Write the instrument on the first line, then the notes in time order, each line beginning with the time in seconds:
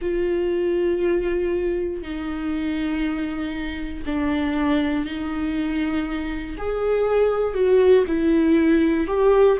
viola
0.01 F4
2.02 D#4
4.06 D4
5.05 D#4
6.57 G#4
7.54 F#4
8.07 E4
9.07 G4